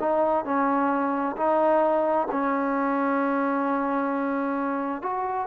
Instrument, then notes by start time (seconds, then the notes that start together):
trombone
0.00 D#4
0.45 C#4
1.37 D#4
2.31 C#4
5.02 F#4